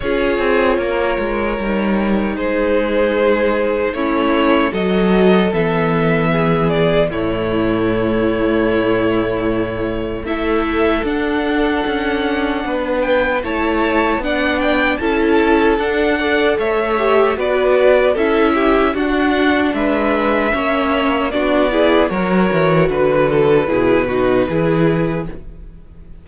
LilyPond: <<
  \new Staff \with { instrumentName = "violin" } { \time 4/4 \tempo 4 = 76 cis''2. c''4~ | c''4 cis''4 dis''4 e''4~ | e''8 d''8 cis''2.~ | cis''4 e''4 fis''2~ |
fis''8 g''8 a''4 fis''8 g''8 a''4 | fis''4 e''4 d''4 e''4 | fis''4 e''2 d''4 | cis''4 b'2. | }
  \new Staff \with { instrumentName = "violin" } { \time 4/4 gis'4 ais'2 gis'4~ | gis'4 e'4 a'2 | gis'4 e'2.~ | e'4 a'2. |
b'4 cis''4 d''4 a'4~ | a'8 d''8 cis''4 b'4 a'8 g'8 | fis'4 b'4 cis''4 fis'8 gis'8 | ais'4 b'8 a'8 gis'8 fis'8 gis'4 | }
  \new Staff \with { instrumentName = "viola" } { \time 4/4 f'2 dis'2~ | dis'4 cis'4 fis'4 b4~ | b4 a2.~ | a4 e'4 d'2~ |
d'4 e'4 d'4 e'4 | d'8 a'4 g'8 fis'4 e'4 | d'2 cis'4 d'8 e'8 | fis'2 e'8 dis'8 e'4 | }
  \new Staff \with { instrumentName = "cello" } { \time 4/4 cis'8 c'8 ais8 gis8 g4 gis4~ | gis4 a4 fis4 e4~ | e4 a,2.~ | a,4 a4 d'4 cis'4 |
b4 a4 b4 cis'4 | d'4 a4 b4 cis'4 | d'4 gis4 ais4 b4 | fis8 e8 d4 b,4 e4 | }
>>